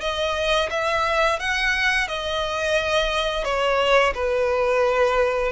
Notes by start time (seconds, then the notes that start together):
0.00 D#5
0.70 E5
1.39 F#5
2.07 D#5
3.44 C#5
4.14 B4